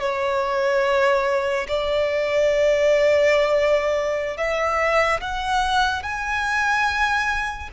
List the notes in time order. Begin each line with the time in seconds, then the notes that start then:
0.00 C#5
1.68 D5
4.37 E5
5.21 F#5
6.03 G#5